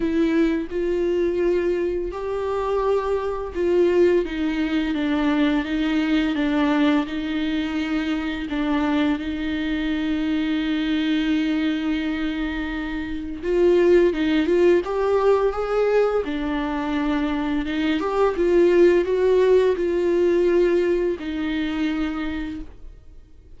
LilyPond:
\new Staff \with { instrumentName = "viola" } { \time 4/4 \tempo 4 = 85 e'4 f'2 g'4~ | g'4 f'4 dis'4 d'4 | dis'4 d'4 dis'2 | d'4 dis'2.~ |
dis'2. f'4 | dis'8 f'8 g'4 gis'4 d'4~ | d'4 dis'8 g'8 f'4 fis'4 | f'2 dis'2 | }